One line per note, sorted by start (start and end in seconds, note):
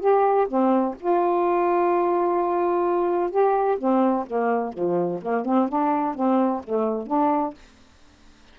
0.00 0.47 G4
0.48 0.95 C4
1.00 3.30 F4
3.30 3.78 G4
3.78 4.26 C4
4.26 4.73 A#3
4.73 5.20 F3
5.22 5.45 A#3
5.45 5.68 C4
5.69 6.15 D4
6.15 6.62 C4
6.64 7.07 A3
7.07 7.54 D4